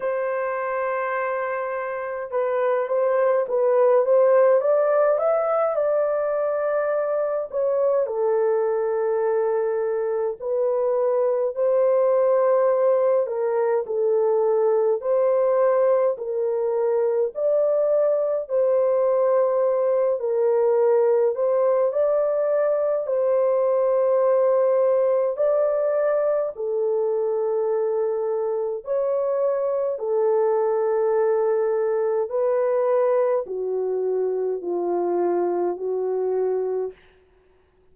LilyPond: \new Staff \with { instrumentName = "horn" } { \time 4/4 \tempo 4 = 52 c''2 b'8 c''8 b'8 c''8 | d''8 e''8 d''4. cis''8 a'4~ | a'4 b'4 c''4. ais'8 | a'4 c''4 ais'4 d''4 |
c''4. ais'4 c''8 d''4 | c''2 d''4 a'4~ | a'4 cis''4 a'2 | b'4 fis'4 f'4 fis'4 | }